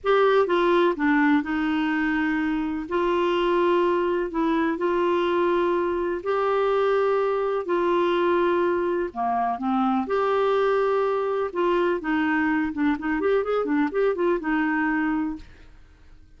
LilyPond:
\new Staff \with { instrumentName = "clarinet" } { \time 4/4 \tempo 4 = 125 g'4 f'4 d'4 dis'4~ | dis'2 f'2~ | f'4 e'4 f'2~ | f'4 g'2. |
f'2. ais4 | c'4 g'2. | f'4 dis'4. d'8 dis'8 g'8 | gis'8 d'8 g'8 f'8 dis'2 | }